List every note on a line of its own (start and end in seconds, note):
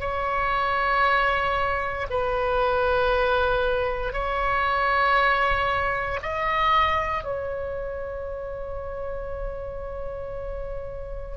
0.00 2.07 C#5
2.10 4.13 B4
4.13 6.20 C#5
6.23 7.24 D#5
7.24 11.37 C#5